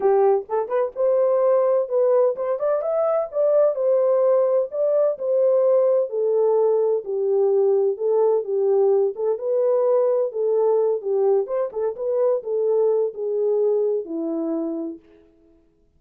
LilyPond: \new Staff \with { instrumentName = "horn" } { \time 4/4 \tempo 4 = 128 g'4 a'8 b'8 c''2 | b'4 c''8 d''8 e''4 d''4 | c''2 d''4 c''4~ | c''4 a'2 g'4~ |
g'4 a'4 g'4. a'8 | b'2 a'4. g'8~ | g'8 c''8 a'8 b'4 a'4. | gis'2 e'2 | }